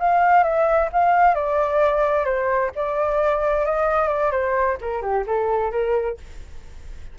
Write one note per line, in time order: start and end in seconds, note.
0.00 0.44 F5
0.44 0.90 E5
0.93 1.35 F5
1.35 2.25 D5
2.25 2.71 C5
2.76 3.66 D5
3.66 4.09 D#5
4.09 4.32 D5
4.32 4.78 C5
4.81 5.02 A#4
5.02 5.25 G4
5.27 5.72 A4
5.72 6.18 A#4